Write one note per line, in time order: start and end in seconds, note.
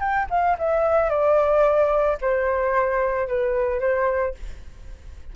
0.00 0.27 G5
0.30 0.57 F5
0.59 1.10 E5
1.10 2.18 D5
2.22 3.28 C5
3.28 3.81 B4
3.81 4.35 C5